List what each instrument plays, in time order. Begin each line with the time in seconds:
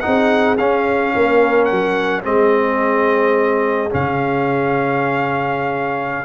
0.00 trombone D#4, horn G#4, trumpet F#5
0.06 tuba C4
0.58 tuba C#4, trombone C#4, trumpet F5
1.15 tuba A#3, horn A#4
1.65 trumpet F#5
1.71 tuba F#3
2.23 tuba G#3, trombone C4, horn G#4, trumpet D#5
3.90 tuba C#3, trombone C#4, trumpet F5